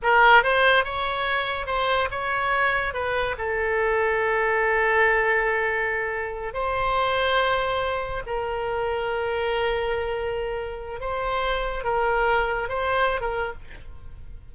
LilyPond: \new Staff \with { instrumentName = "oboe" } { \time 4/4 \tempo 4 = 142 ais'4 c''4 cis''2 | c''4 cis''2 b'4 | a'1~ | a'2.~ a'8 c''8~ |
c''2.~ c''8 ais'8~ | ais'1~ | ais'2 c''2 | ais'2 c''4~ c''16 ais'8. | }